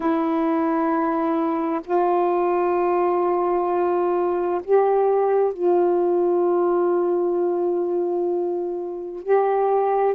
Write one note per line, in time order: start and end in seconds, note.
0.00 1.80 E4
1.84 4.61 F4
4.64 5.53 G4
5.53 9.22 F4
9.22 10.14 G4